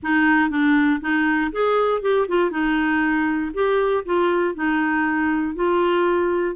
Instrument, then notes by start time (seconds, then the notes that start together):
clarinet
0.02 D#4
0.50 D4
1.00 D#4
1.51 G#4
2.01 G4
2.28 F4
2.50 D#4
3.53 G4
4.05 F4
4.54 D#4
5.55 F4